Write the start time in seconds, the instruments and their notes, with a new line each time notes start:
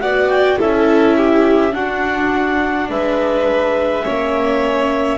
0.00 double bass B3, viola F#4, violin D5, clarinet F#5
0.29 clarinet G5
0.59 double bass C#4, viola E4, violin A4, clarinet E5
1.17 violin G4
1.71 viola D4, double bass D4, violin F#4, clarinet F#5
2.89 double bass G#3, violin B4, clarinet E5
4.03 double bass A#3, viola C#4, violin C#5